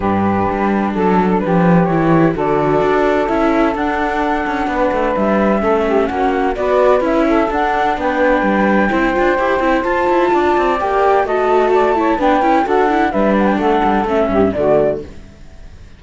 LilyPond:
<<
  \new Staff \with { instrumentName = "flute" } { \time 4/4 \tempo 4 = 128 b'2 a'4 b'4 | cis''4 d''2 e''4 | fis''2. e''4~ | e''4 fis''4 d''4 e''4 |
fis''4 g''2.~ | g''4 a''2 g''4 | a''2 g''4 fis''4 | e''8 fis''16 g''16 fis''4 e''4 d''4 | }
  \new Staff \with { instrumentName = "saxophone" } { \time 4/4 g'2 a'4 g'4~ | g'4 a'2.~ | a'2 b'2 | a'8 g'8 fis'4 b'4. a'8~ |
a'4 b'2 c''4~ | c''2 d''2 | dis''4 d''8 cis''8 b'4 a'4 | b'4 a'4. g'8 fis'4 | }
  \new Staff \with { instrumentName = "viola" } { \time 4/4 d'1 | e'4 fis'2 e'4 | d'1 | cis'2 fis'4 e'4 |
d'2. e'8 f'8 | g'8 e'8 f'2 g'4 | fis'4. e'8 d'8 e'8 fis'8 e'8 | d'2 cis'4 a4 | }
  \new Staff \with { instrumentName = "cello" } { \time 4/4 g,4 g4 fis4 f4 | e4 d4 d'4 cis'4 | d'4. cis'8 b8 a8 g4 | a4 ais4 b4 cis'4 |
d'4 b4 g4 c'8 d'8 | e'8 c'8 f'8 e'8 d'8 c'8 ais4 | a2 b8 cis'8 d'4 | g4 a8 g8 a8 g,8 d4 | }
>>